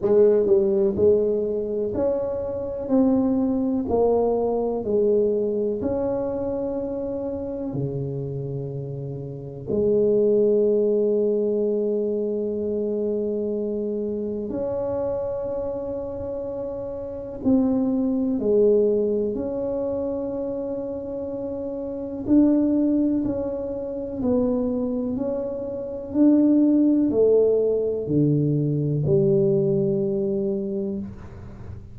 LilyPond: \new Staff \with { instrumentName = "tuba" } { \time 4/4 \tempo 4 = 62 gis8 g8 gis4 cis'4 c'4 | ais4 gis4 cis'2 | cis2 gis2~ | gis2. cis'4~ |
cis'2 c'4 gis4 | cis'2. d'4 | cis'4 b4 cis'4 d'4 | a4 d4 g2 | }